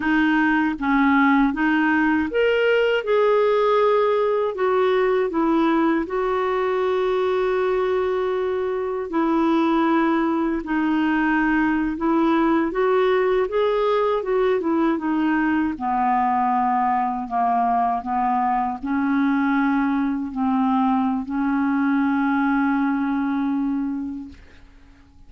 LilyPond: \new Staff \with { instrumentName = "clarinet" } { \time 4/4 \tempo 4 = 79 dis'4 cis'4 dis'4 ais'4 | gis'2 fis'4 e'4 | fis'1 | e'2 dis'4.~ dis'16 e'16~ |
e'8. fis'4 gis'4 fis'8 e'8 dis'16~ | dis'8. b2 ais4 b16~ | b8. cis'2 c'4~ c'16 | cis'1 | }